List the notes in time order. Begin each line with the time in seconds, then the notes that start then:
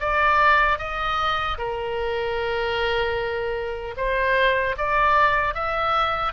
0.00 D5
0.79 D#5
1.58 A#4
3.97 C5
4.77 D5
5.54 E5